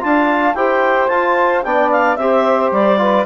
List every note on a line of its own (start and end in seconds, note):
0.00 0.55 D4
0.00 0.54 F4
0.00 0.56 F5
0.00 0.55 A5
0.55 1.09 E4
0.55 1.09 G4
0.55 1.64 C5
0.55 1.08 G5
1.08 1.63 F4
1.08 1.65 F4
1.08 1.62 A5
1.63 2.17 B3
1.63 2.18 D4
1.63 2.19 D5
1.63 1.90 G5
1.91 2.16 F5
2.16 2.71 C4
2.16 2.97 G4
2.16 2.99 C5
2.16 2.70 E5
2.72 3.26 G3
2.72 3.26 D5
2.97 3.24 F4
2.97 3.26 B4